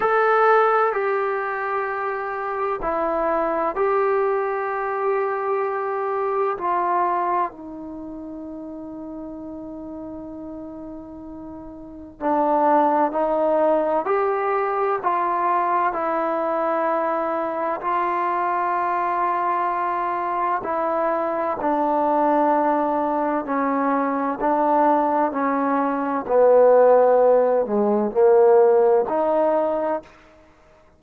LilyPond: \new Staff \with { instrumentName = "trombone" } { \time 4/4 \tempo 4 = 64 a'4 g'2 e'4 | g'2. f'4 | dis'1~ | dis'4 d'4 dis'4 g'4 |
f'4 e'2 f'4~ | f'2 e'4 d'4~ | d'4 cis'4 d'4 cis'4 | b4. gis8 ais4 dis'4 | }